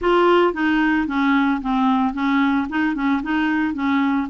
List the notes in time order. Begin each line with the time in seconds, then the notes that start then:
0.01 F4
0.53 D#4
1.07 C#4
1.61 C4
2.13 C#4
2.69 D#4
2.94 C#4
3.22 D#4
3.74 C#4